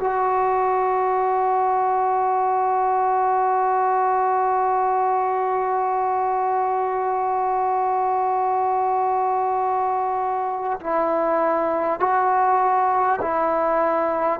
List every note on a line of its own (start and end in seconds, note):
0.00 10.80 F#4
10.80 12.00 E4
12.00 13.20 F#4
13.22 14.39 E4